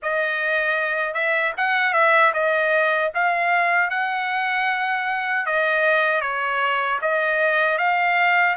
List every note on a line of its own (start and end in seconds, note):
0.02 1.13 D#5
1.13 1.52 E5
1.57 1.93 F#5
1.93 2.32 E5
2.33 3.11 D#5
3.14 3.90 F5
3.90 5.45 F#5
5.45 6.21 D#5
6.21 6.99 C#5
7.01 7.77 D#5
7.77 8.55 F5